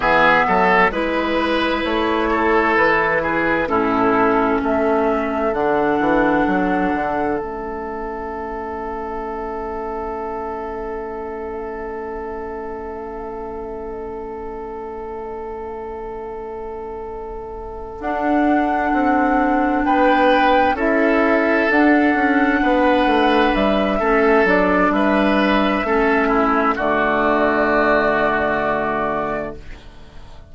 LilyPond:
<<
  \new Staff \with { instrumentName = "flute" } { \time 4/4 \tempo 4 = 65 e''4 b'4 cis''4 b'4 | a'4 e''4 fis''2 | e''1~ | e''1~ |
e''2.~ e''8 fis''8~ | fis''4. g''4 e''4 fis''8~ | fis''4. e''4 d''8 e''4~ | e''4 d''2. | }
  \new Staff \with { instrumentName = "oboe" } { \time 4/4 gis'8 a'8 b'4. a'4 gis'8 | e'4 a'2.~ | a'1~ | a'1~ |
a'1~ | a'4. b'4 a'4.~ | a'8 b'4. a'4 b'4 | a'8 e'8 fis'2. | }
  \new Staff \with { instrumentName = "clarinet" } { \time 4/4 b4 e'2. | cis'2 d'2 | cis'1~ | cis'1~ |
cis'2.~ cis'8 d'8~ | d'2~ d'8 e'4 d'8~ | d'2 cis'8 d'4. | cis'4 a2. | }
  \new Staff \with { instrumentName = "bassoon" } { \time 4/4 e8 fis8 gis4 a4 e4 | a,4 a4 d8 e8 fis8 d8 | a1~ | a1~ |
a2.~ a8 d'8~ | d'8 c'4 b4 cis'4 d'8 | cis'8 b8 a8 g8 a8 fis8 g4 | a4 d2. | }
>>